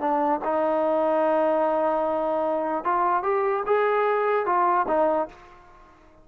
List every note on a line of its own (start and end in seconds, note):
0.00 0.40 D4
0.44 2.84 D#4
2.84 3.23 F4
3.23 3.63 G4
3.66 4.46 G#4
4.46 4.86 F4
4.88 5.28 D#4